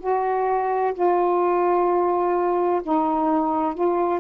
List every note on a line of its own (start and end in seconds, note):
0.00 0.94 F#4
0.94 2.82 F4
2.83 3.75 D#4
3.75 4.20 F4